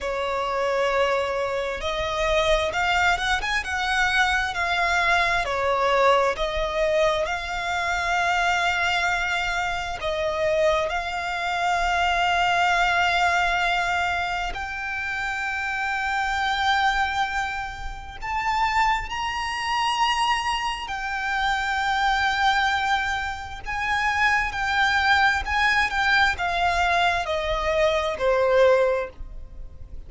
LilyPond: \new Staff \with { instrumentName = "violin" } { \time 4/4 \tempo 4 = 66 cis''2 dis''4 f''8 fis''16 gis''16 | fis''4 f''4 cis''4 dis''4 | f''2. dis''4 | f''1 |
g''1 | a''4 ais''2 g''4~ | g''2 gis''4 g''4 | gis''8 g''8 f''4 dis''4 c''4 | }